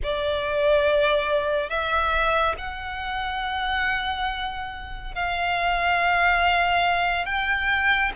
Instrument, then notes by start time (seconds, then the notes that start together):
violin
0.03 D5
1.69 E5
2.58 F#5
5.14 F5
7.25 G5